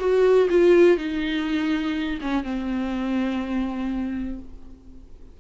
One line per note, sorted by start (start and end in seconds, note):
0.00 0.49 F#4
0.50 0.98 F4
0.98 2.20 D#4
2.22 2.44 C#4
2.44 4.39 C4